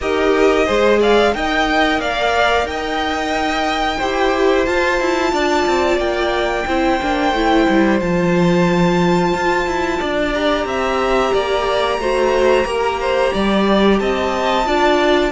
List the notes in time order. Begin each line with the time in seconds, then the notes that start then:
0.01 D#4 G4 A#4 D#5
0.66 G#3 G#4 C5
0.99 D5 F5
1.32 D#4 A#4 D#5 G5
1.99 A#3 D5 F5
2.63 D#4 G5
2.70 D#5
3.97 E4 G4 C5
4.65 F4 A5
4.99 E4
5.32 D4 D5
5.66 C4
5.97 A#3 G5
6.66 C4 E4 C5
7.01 A#3 D4
7.32 A3 E4
7.69 G3
7.99 F3 F4 A5
9.34 F4
9.66 E4
9.99 D4 D5
10.34 G4 A#5
10.64 C4 E5
11.33 A#3 D5
11.97 A3 F#4 C5
12.64 A#3 G4 A#4
13.00 C5
13.33 G3 D5
13.99 C4 D#5 A5
14.65 D4 F4 D5